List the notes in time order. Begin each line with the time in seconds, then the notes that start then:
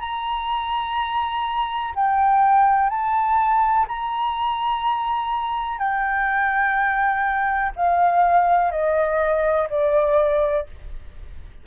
0.00 A#5
1.95 G5
2.89 A5
3.88 A#5
5.78 G5
7.76 F5
8.71 D#5
9.70 D5